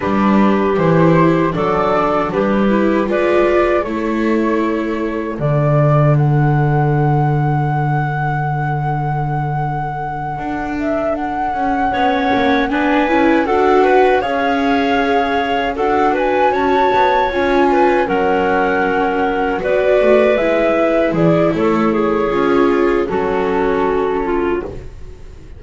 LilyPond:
<<
  \new Staff \with { instrumentName = "flute" } { \time 4/4 \tempo 4 = 78 b'4 c''4 d''4 b'4 | d''4 cis''2 d''4 | fis''1~ | fis''2 e''8 fis''4.~ |
fis''8 gis''4 fis''4 f''4.~ | f''8 fis''8 gis''8 a''4 gis''4 fis''8~ | fis''4. d''4 e''4 d''8 | cis''2 a'2 | }
  \new Staff \with { instrumentName = "clarinet" } { \time 4/4 g'2 a'4 g'4 | b'4 a'2.~ | a'1~ | a'2.~ a'8 cis''8~ |
cis''8 b'4 a'8 b'8 cis''4.~ | cis''8 a'8 b'8 cis''4. b'8 ais'8~ | ais'4. b'2 gis'8 | a'8 gis'4. fis'4. f'8 | }
  \new Staff \with { instrumentName = "viola" } { \time 4/4 d'4 e'4 d'4. e'8 | f'4 e'2 d'4~ | d'1~ | d'2.~ d'8 cis'8~ |
cis'8 d'8 e'8 fis'4 gis'4.~ | gis'8 fis'2 f'4 cis'8~ | cis'4. fis'4 e'4.~ | e'4 f'4 cis'2 | }
  \new Staff \with { instrumentName = "double bass" } { \time 4/4 g4 e4 fis4 g4 | gis4 a2 d4~ | d1~ | d4. d'4. cis'8 b8 |
ais8 b8 cis'8 d'4 cis'4.~ | cis'8 d'4 cis'8 b8 cis'4 fis8~ | fis4. b8 a8 gis4 e8 | a4 cis'4 fis2 | }
>>